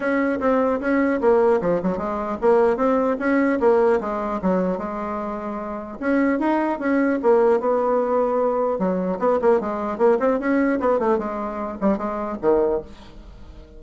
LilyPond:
\new Staff \with { instrumentName = "bassoon" } { \time 4/4 \tempo 4 = 150 cis'4 c'4 cis'4 ais4 | f8 fis8 gis4 ais4 c'4 | cis'4 ais4 gis4 fis4 | gis2. cis'4 |
dis'4 cis'4 ais4 b4~ | b2 fis4 b8 ais8 | gis4 ais8 c'8 cis'4 b8 a8 | gis4. g8 gis4 dis4 | }